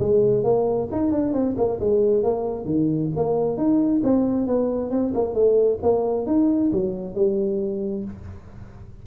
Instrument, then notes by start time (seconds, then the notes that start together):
tuba
0.00 G#3
0.44 A#3
0.92 D#4
1.12 D4
1.34 C4
1.58 A#3
1.80 G#3
2.23 A#3
2.66 D#3
3.16 A#3
3.57 D#4
4.04 C4
4.47 B3
4.91 C4
5.15 A#3
5.34 A3
5.83 A#3
6.27 D#4
6.73 F#3
7.15 G3